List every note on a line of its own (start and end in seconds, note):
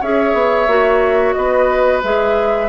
0.00 0.34 C#4
0.00 0.68 G#4
0.00 1.35 C#5
0.00 1.33 E5
0.34 0.67 B3
0.67 1.34 A#3
0.67 2.03 F#4
1.33 2.03 B3
1.33 2.69 B4
1.33 2.00 D#5
2.03 2.69 G#3
2.03 2.69 G#4
2.03 2.69 E5